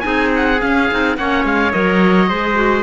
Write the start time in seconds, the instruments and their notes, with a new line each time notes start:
0.00 cello C4, clarinet D#4, oboe G#5
0.06 trumpet G#4
0.36 oboe F#5
0.60 clarinet C#4, cello C#4, oboe F5
0.91 cello C4, clarinet D#4
1.17 cello A#3, clarinet C#4, trumpet C#5, oboe F#5
1.44 cello G#3, oboe F5
1.72 cello F#3, clarinet A#4, oboe D#5
2.29 cello G#3, clarinet G#4, trumpet C5
2.55 clarinet F#4